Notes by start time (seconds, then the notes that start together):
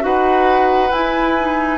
0.00 D#4 F#4 B4 F#5
0.91 E4 G#5
1.38 D#4